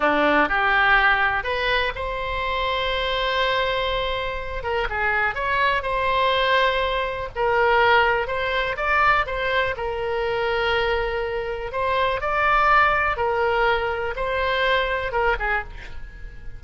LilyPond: \new Staff \with { instrumentName = "oboe" } { \time 4/4 \tempo 4 = 123 d'4 g'2 b'4 | c''1~ | c''4. ais'8 gis'4 cis''4 | c''2. ais'4~ |
ais'4 c''4 d''4 c''4 | ais'1 | c''4 d''2 ais'4~ | ais'4 c''2 ais'8 gis'8 | }